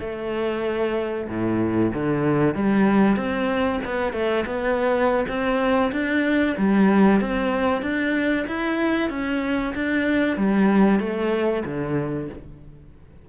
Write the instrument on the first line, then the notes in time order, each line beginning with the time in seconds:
cello
0.00 A3
1.29 A2
1.94 D3
2.55 G3
3.16 C4
3.85 B3
4.13 A3
4.46 B3
5.28 C4
5.92 D4
6.57 G3
7.21 C4
7.82 D4
8.47 E4
9.10 C#4
9.75 D4
10.37 G3
11.00 A3
11.65 D3